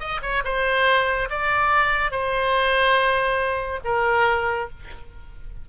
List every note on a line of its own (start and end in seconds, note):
0.00 0.21 D#5
0.22 0.43 C#5
0.45 1.29 C5
1.30 2.11 D5
2.11 3.80 C5
3.85 4.69 A#4